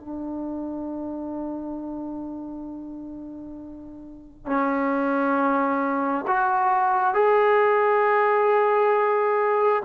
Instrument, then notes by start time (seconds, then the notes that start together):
trombone
0.00 D4
4.46 C#4
6.27 F#4
7.14 G#4